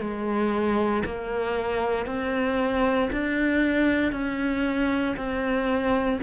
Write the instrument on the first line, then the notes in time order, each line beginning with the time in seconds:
cello
0.00 G#3
1.05 A#3
2.06 C4
3.12 D4
4.12 C#4
5.17 C4